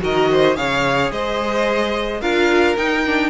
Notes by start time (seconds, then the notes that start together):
0.00 D#3 F#4 A#4 D#5
0.31 C5
0.55 C#3 G#4 C#5 F5
1.11 G#3 C5 D#5
2.21 D4 F4 A#4 F5
2.77 D#4 G5
3.05 D4